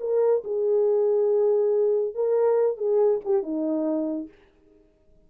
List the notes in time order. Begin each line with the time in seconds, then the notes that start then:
0.00 A#4
0.44 G#4
2.14 A#4
2.77 G#4
3.24 G4
3.42 D#4